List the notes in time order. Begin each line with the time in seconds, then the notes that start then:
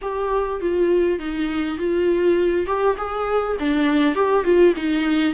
0.01 G4
0.60 F4
1.19 D#4
1.78 F4
2.66 G4
2.97 G#4
3.59 D4
4.15 G4
4.44 F4
4.76 D#4